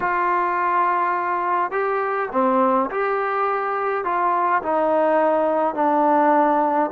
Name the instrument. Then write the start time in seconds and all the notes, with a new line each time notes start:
trombone
0.00 F4
1.71 G4
2.32 C4
2.90 G4
4.04 F4
4.62 D#4
5.75 D4